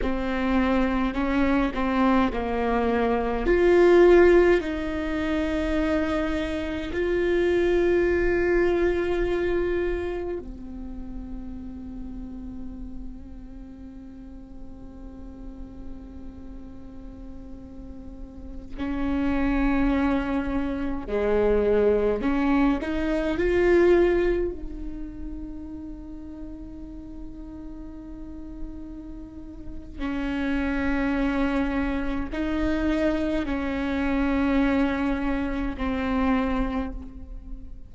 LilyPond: \new Staff \with { instrumentName = "viola" } { \time 4/4 \tempo 4 = 52 c'4 cis'8 c'8 ais4 f'4 | dis'2 f'2~ | f'4 c'2.~ | c'1~ |
c'16 cis'2 gis4 cis'8 dis'16~ | dis'16 f'4 dis'2~ dis'8.~ | dis'2 cis'2 | dis'4 cis'2 c'4 | }